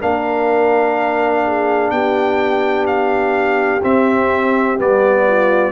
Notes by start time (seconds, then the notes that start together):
0.00 A#3 D4 A#4 F5
1.46 G#4
1.90 B3 G4 G5
2.87 F5
3.82 C4 E5
4.78 G3 B3 D5
5.27 F4